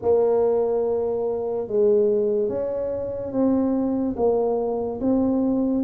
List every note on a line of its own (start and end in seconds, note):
0.02 1.67 A#3
1.67 2.48 G#3
2.48 3.31 C#4
3.31 4.15 C4
4.16 5.00 A#3
5.00 5.83 C4